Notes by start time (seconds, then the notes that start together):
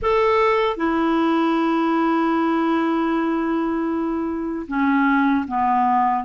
0.01 A4
0.76 E4
4.68 C#4
5.47 B3